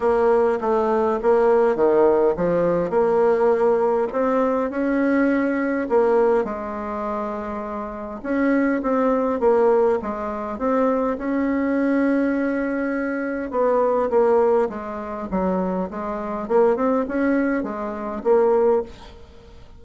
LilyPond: \new Staff \with { instrumentName = "bassoon" } { \time 4/4 \tempo 4 = 102 ais4 a4 ais4 dis4 | f4 ais2 c'4 | cis'2 ais4 gis4~ | gis2 cis'4 c'4 |
ais4 gis4 c'4 cis'4~ | cis'2. b4 | ais4 gis4 fis4 gis4 | ais8 c'8 cis'4 gis4 ais4 | }